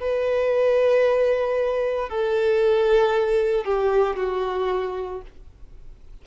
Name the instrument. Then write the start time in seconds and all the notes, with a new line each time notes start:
violin
0.00 B4
2.09 A4
3.65 G4
4.17 F#4